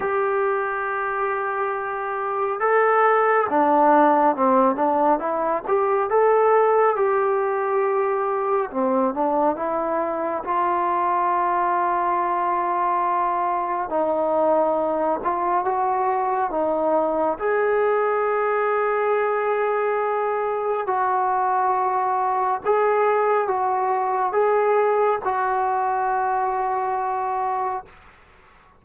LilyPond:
\new Staff \with { instrumentName = "trombone" } { \time 4/4 \tempo 4 = 69 g'2. a'4 | d'4 c'8 d'8 e'8 g'8 a'4 | g'2 c'8 d'8 e'4 | f'1 |
dis'4. f'8 fis'4 dis'4 | gis'1 | fis'2 gis'4 fis'4 | gis'4 fis'2. | }